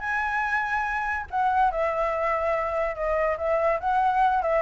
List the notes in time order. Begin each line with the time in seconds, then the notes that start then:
0.00 G#5
1.30 F#5
1.71 E5
2.95 D#5
3.37 E5
3.80 F#5
4.42 E5